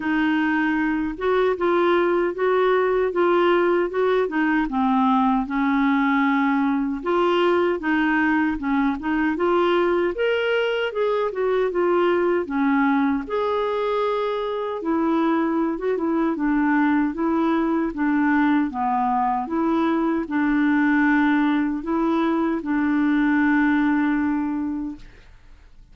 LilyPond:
\new Staff \with { instrumentName = "clarinet" } { \time 4/4 \tempo 4 = 77 dis'4. fis'8 f'4 fis'4 | f'4 fis'8 dis'8 c'4 cis'4~ | cis'4 f'4 dis'4 cis'8 dis'8 | f'4 ais'4 gis'8 fis'8 f'4 |
cis'4 gis'2 e'4~ | e'16 fis'16 e'8 d'4 e'4 d'4 | b4 e'4 d'2 | e'4 d'2. | }